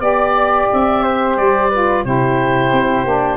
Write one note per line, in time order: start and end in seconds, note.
0.00 0.68 B3
0.00 1.69 G4
0.00 0.68 D5
0.00 1.03 D5
0.73 1.37 C4
0.73 1.37 E5
1.03 1.71 C5
1.37 2.04 G3
1.37 2.05 D5
1.71 2.05 F4
1.71 2.04 B4
2.05 2.72 C3
2.05 3.06 E4
2.05 3.38 G4
2.05 3.38 C5
2.72 3.05 C4
3.05 3.38 A#3
3.05 3.38 D4